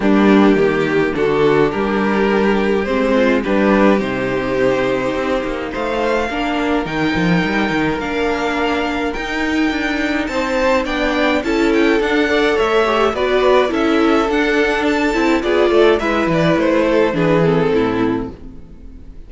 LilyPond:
<<
  \new Staff \with { instrumentName = "violin" } { \time 4/4 \tempo 4 = 105 g'2 a'4 ais'4~ | ais'4 c''4 b'4 c''4~ | c''2 f''2 | g''2 f''2 |
g''2 a''4 g''4 | a''8 g''8 fis''4 e''4 d''4 | e''4 fis''4 a''4 d''4 | e''8 d''8 c''4 b'8 a'4. | }
  \new Staff \with { instrumentName = "violin" } { \time 4/4 d'4 g'4 fis'4 g'4~ | g'4. f'8 g'2~ | g'2 c''4 ais'4~ | ais'1~ |
ais'2 c''4 d''4 | a'4. d''8 cis''4 b'4 | a'2. gis'8 a'8 | b'4. a'8 gis'4 e'4 | }
  \new Staff \with { instrumentName = "viola" } { \time 4/4 ais2 d'2~ | d'4 c'4 d'4 dis'4~ | dis'2. d'4 | dis'2 d'2 |
dis'2. d'4 | e'4 d'8 a'4 g'8 fis'4 | e'4 d'4. e'8 f'4 | e'2 d'8 c'4. | }
  \new Staff \with { instrumentName = "cello" } { \time 4/4 g4 dis4 d4 g4~ | g4 gis4 g4 c4~ | c4 c'8 ais8 a4 ais4 | dis8 f8 g8 dis8 ais2 |
dis'4 d'4 c'4 b4 | cis'4 d'4 a4 b4 | cis'4 d'4. c'8 b8 a8 | gis8 e8 a4 e4 a,4 | }
>>